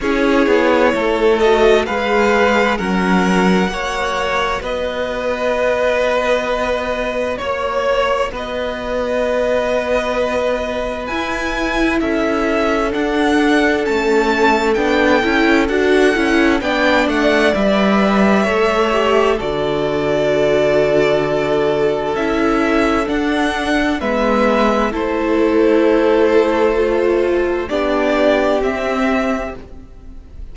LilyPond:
<<
  \new Staff \with { instrumentName = "violin" } { \time 4/4 \tempo 4 = 65 cis''4. dis''8 f''4 fis''4~ | fis''4 dis''2. | cis''4 dis''2. | gis''4 e''4 fis''4 a''4 |
g''4 fis''4 g''8 fis''8 e''4~ | e''4 d''2. | e''4 fis''4 e''4 c''4~ | c''2 d''4 e''4 | }
  \new Staff \with { instrumentName = "violin" } { \time 4/4 gis'4 a'4 b'4 ais'4 | cis''4 b'2. | cis''4 b'2.~ | b'4 a'2.~ |
a'2 d''2 | cis''4 a'2.~ | a'2 b'4 a'4~ | a'2 g'2 | }
  \new Staff \with { instrumentName = "viola" } { \time 4/4 e'4. fis'8 gis'4 cis'4 | fis'1~ | fis'1 | e'2 d'4 cis'4 |
d'8 e'8 fis'8 e'8 d'4 b'4 | a'8 g'8 fis'2. | e'4 d'4 b4 e'4~ | e'4 f'4 d'4 c'4 | }
  \new Staff \with { instrumentName = "cello" } { \time 4/4 cis'8 b8 a4 gis4 fis4 | ais4 b2. | ais4 b2. | e'4 cis'4 d'4 a4 |
b8 cis'8 d'8 cis'8 b8 a8 g4 | a4 d2. | cis'4 d'4 gis4 a4~ | a2 b4 c'4 | }
>>